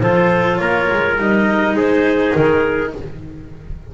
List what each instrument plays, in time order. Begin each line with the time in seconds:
0.00 double bass F3, cello F4, trumpet A4, clarinet C5
0.57 double bass A#3, trumpet A#4, clarinet C#5
0.92 double bass G#3
1.19 double bass G3, cello D#4, clarinet D#5
1.73 double bass G#3, trumpet G#4, clarinet C5
2.34 double bass D#3, clarinet A#4